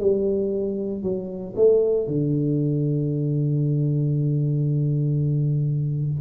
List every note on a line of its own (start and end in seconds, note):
0.00 1.03 G3
1.03 1.55 F#3
1.56 2.08 A3
2.08 6.21 D3